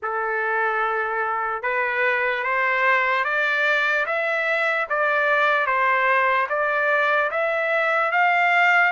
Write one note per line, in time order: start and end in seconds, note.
0.02 1.62 A4
1.62 2.43 B4
2.43 3.24 C5
3.24 4.05 D5
4.05 4.86 E5
4.89 5.66 D5
5.66 6.47 C5
6.49 7.30 D5
7.30 8.11 E5
8.11 8.92 F5